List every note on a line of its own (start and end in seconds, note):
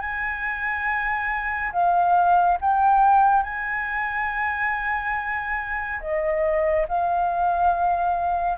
0.00 1.71 G#5
1.72 2.58 F5
2.61 3.43 G5
3.43 6.00 G#5
6.00 6.86 D#5
6.88 8.58 F5